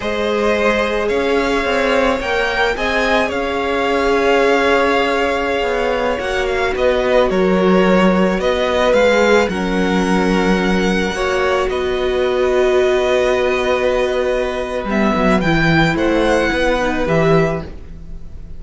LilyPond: <<
  \new Staff \with { instrumentName = "violin" } { \time 4/4 \tempo 4 = 109 dis''2 f''2 | g''4 gis''4 f''2~ | f''2.~ f''16 fis''8 f''16~ | f''16 dis''4 cis''2 dis''8.~ |
dis''16 f''4 fis''2~ fis''8.~ | fis''4~ fis''16 dis''2~ dis''8.~ | dis''2. e''4 | g''4 fis''2 e''4 | }
  \new Staff \with { instrumentName = "violin" } { \time 4/4 c''2 cis''2~ | cis''4 dis''4 cis''2~ | cis''1~ | cis''16 b'4 ais'2 b'8.~ |
b'4~ b'16 ais'2~ ais'8.~ | ais'16 cis''4 b'2~ b'8.~ | b'1~ | b'4 c''4 b'2 | }
  \new Staff \with { instrumentName = "viola" } { \time 4/4 gis'1 | ais'4 gis'2.~ | gis'2.~ gis'16 fis'8.~ | fis'1~ |
fis'16 gis'4 cis'2~ cis'8.~ | cis'16 fis'2.~ fis'8.~ | fis'2. b4 | e'2~ e'8 dis'8 g'4 | }
  \new Staff \with { instrumentName = "cello" } { \time 4/4 gis2 cis'4 c'4 | ais4 c'4 cis'2~ | cis'2~ cis'16 b4 ais8.~ | ais16 b4 fis2 b8.~ |
b16 gis4 fis2~ fis8.~ | fis16 ais4 b2~ b8.~ | b2. g8 fis8 | e4 a4 b4 e4 | }
>>